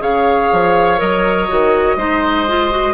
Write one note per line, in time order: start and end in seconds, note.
0.00 0.50 C#3
0.00 0.98 G#4
0.00 1.97 C#5
0.00 1.00 F5
0.52 1.01 F3
0.98 1.50 F#3
0.98 1.47 A#4
0.98 2.94 D#5
1.48 1.96 D#3
1.48 1.97 F#4
1.96 2.94 G#3
1.96 2.47 D#4
1.96 2.94 C5
2.48 2.71 F4
2.71 2.94 F#4